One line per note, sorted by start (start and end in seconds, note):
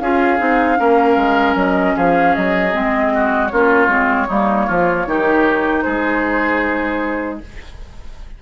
0.00 0.39 C#4
0.00 0.38 F4
0.00 0.79 G#4
0.00 1.56 F5
0.38 0.79 C4
0.38 0.77 D#4
0.77 1.16 A#3
0.77 2.72 C#4
0.77 1.96 A#4
1.16 1.55 G#3
1.55 1.94 F#3
1.55 1.96 D#5
1.96 2.36 F3
1.96 3.13 G#4
1.96 2.35 F5
2.35 2.74 F#3
2.35 3.47 D#5
2.72 3.52 G#3
2.72 3.50 C4
3.14 3.52 F#4
3.47 3.88 A#3
3.47 3.88 C#4
3.47 4.28 F4
3.47 5.81 C#5
3.88 4.27 G#3
3.88 4.27 C4
4.28 4.69 G3
4.28 5.08 A#3
4.28 4.67 D#4
4.67 5.07 F3
4.67 5.06 F4
5.07 5.85 D#3
5.07 7.41 D#4
5.07 5.84 G4
5.82 7.42 G#3
5.82 7.40 G#4
5.82 7.38 C5